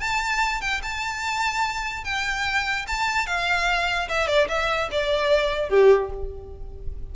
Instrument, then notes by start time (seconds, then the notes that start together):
violin
0.00 A5
0.62 G5
0.83 A5
2.04 G5
2.88 A5
3.27 F5
4.09 E5
4.28 D5
4.49 E5
4.92 D5
5.70 G4